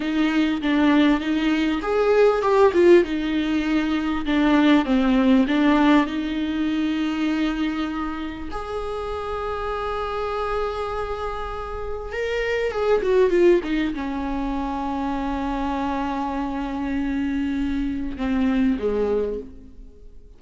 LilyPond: \new Staff \with { instrumentName = "viola" } { \time 4/4 \tempo 4 = 99 dis'4 d'4 dis'4 gis'4 | g'8 f'8 dis'2 d'4 | c'4 d'4 dis'2~ | dis'2 gis'2~ |
gis'1 | ais'4 gis'8 fis'8 f'8 dis'8 cis'4~ | cis'1~ | cis'2 c'4 gis4 | }